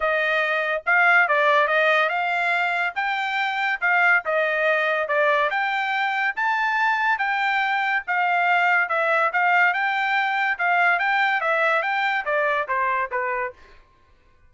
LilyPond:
\new Staff \with { instrumentName = "trumpet" } { \time 4/4 \tempo 4 = 142 dis''2 f''4 d''4 | dis''4 f''2 g''4~ | g''4 f''4 dis''2 | d''4 g''2 a''4~ |
a''4 g''2 f''4~ | f''4 e''4 f''4 g''4~ | g''4 f''4 g''4 e''4 | g''4 d''4 c''4 b'4 | }